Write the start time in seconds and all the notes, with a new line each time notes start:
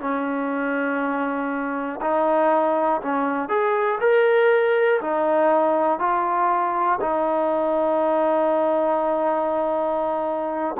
0.00 C#4
2.01 D#4
3.02 C#4
3.49 G#4
4.00 A#4
5.01 D#4
5.99 F4
7.01 D#4